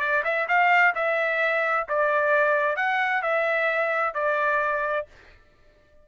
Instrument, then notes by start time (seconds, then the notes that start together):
trumpet
0.00 D5
0.24 E5
0.48 F5
0.95 E5
1.89 D5
2.76 F#5
3.22 E5
4.14 D5